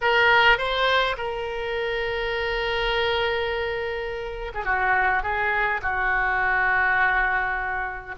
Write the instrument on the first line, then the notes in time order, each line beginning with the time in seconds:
oboe
0.01 A#4
0.57 C5
1.17 A#4
4.54 G#4
4.64 F#4
5.22 G#4
5.82 F#4